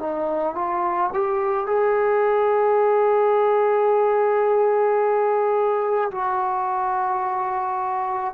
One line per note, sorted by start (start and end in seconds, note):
0.00 0.55 D#4
0.55 1.11 F4
1.14 1.67 G4
1.67 6.11 G#4
6.12 8.34 F#4